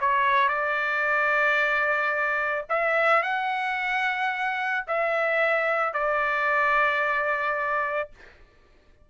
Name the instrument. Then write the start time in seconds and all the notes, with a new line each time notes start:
trumpet
0.00 C#5
0.49 D5
2.69 E5
3.23 F#5
4.87 E5
5.94 D5